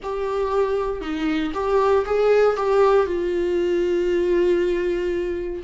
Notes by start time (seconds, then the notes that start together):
0.03 G4
1.01 D#4
1.54 G4
2.05 G#4
2.56 G4
3.06 F4